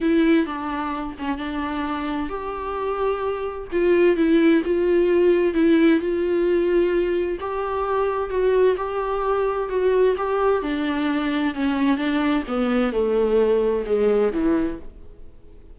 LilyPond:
\new Staff \with { instrumentName = "viola" } { \time 4/4 \tempo 4 = 130 e'4 d'4. cis'8 d'4~ | d'4 g'2. | f'4 e'4 f'2 | e'4 f'2. |
g'2 fis'4 g'4~ | g'4 fis'4 g'4 d'4~ | d'4 cis'4 d'4 b4 | a2 gis4 e4 | }